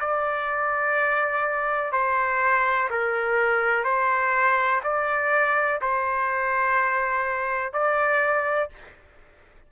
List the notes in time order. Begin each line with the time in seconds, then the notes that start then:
0.00 D5
1.92 C5
2.90 A#4
3.84 C5
4.83 D5
5.81 C5
7.73 D5